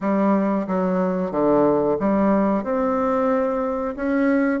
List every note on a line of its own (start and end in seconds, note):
0.00 0.66 G3
0.67 1.31 F#3
1.31 1.97 D3
1.99 2.63 G3
2.63 3.95 C4
3.96 4.60 C#4